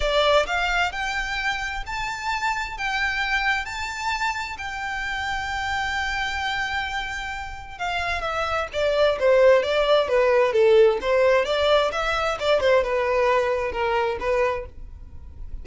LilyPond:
\new Staff \with { instrumentName = "violin" } { \time 4/4 \tempo 4 = 131 d''4 f''4 g''2 | a''2 g''2 | a''2 g''2~ | g''1~ |
g''4 f''4 e''4 d''4 | c''4 d''4 b'4 a'4 | c''4 d''4 e''4 d''8 c''8 | b'2 ais'4 b'4 | }